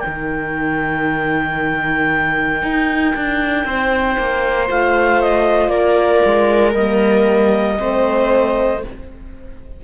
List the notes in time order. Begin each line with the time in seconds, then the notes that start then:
0.00 D#4 A#4 G5
0.06 D#3
2.63 D#4
3.16 D4
3.65 C4 C5
4.18 A#3
4.68 A3 F4 F5
5.22 D#5
5.69 A#3 A#4 D5
6.26 G#3
6.75 G3 A#3 D#5
7.78 A3 C4 C5